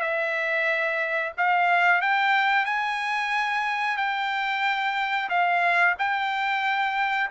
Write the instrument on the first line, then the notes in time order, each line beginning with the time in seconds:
trumpet
0.00 E5
1.37 F5
2.01 G5
2.65 G#5
3.97 G5
5.29 F5
5.98 G5